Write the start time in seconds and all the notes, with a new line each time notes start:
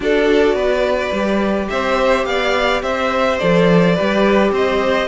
0.00 D4 F#4 A4 D5
0.53 B3 B4
1.11 G3 G4
1.69 C4 C5 E5
2.25 B3 D5 F5
2.82 C4 C5 E5
3.38 F3 A4 D5
3.94 G3 G4 B4
4.51 C4 C5 D#5